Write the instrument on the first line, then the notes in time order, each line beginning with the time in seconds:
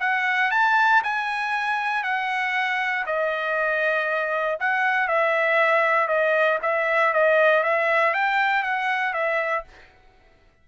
trumpet
0.00 F#5
0.51 A5
1.03 G#5
2.04 F#5
3.06 D#5
4.60 F#5
5.08 E5
6.08 D#5
6.62 E5
7.13 D#5
7.64 E5
8.14 G5
8.63 F#5
9.13 E5